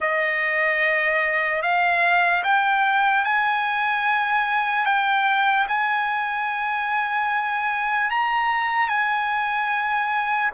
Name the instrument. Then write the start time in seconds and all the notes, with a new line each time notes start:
trumpet
0.00 D#5
1.62 F5
2.43 G5
3.24 G#5
4.85 G5
5.68 G#5
8.10 A#5
8.88 G#5